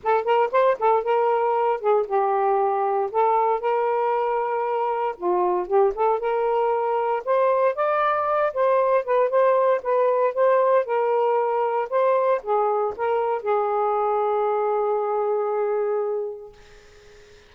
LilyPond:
\new Staff \with { instrumentName = "saxophone" } { \time 4/4 \tempo 4 = 116 a'8 ais'8 c''8 a'8 ais'4. gis'8 | g'2 a'4 ais'4~ | ais'2 f'4 g'8 a'8 | ais'2 c''4 d''4~ |
d''8 c''4 b'8 c''4 b'4 | c''4 ais'2 c''4 | gis'4 ais'4 gis'2~ | gis'1 | }